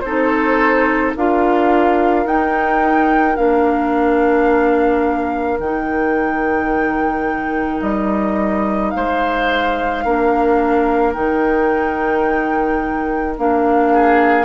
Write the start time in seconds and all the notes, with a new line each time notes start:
0.00 C4 D#4 A4 C5
1.16 D4 F4 A#4 F5
2.25 D#4 G5
3.36 A#3 D4 F5
5.59 D#3 D#4 G5
7.81 G3 D#5
8.91 G#3 C5 F5
10.04 A#3 D4 A#4
11.13 D#3 D#4 G5
13.37 A#3 D4 F5
13.92 G#4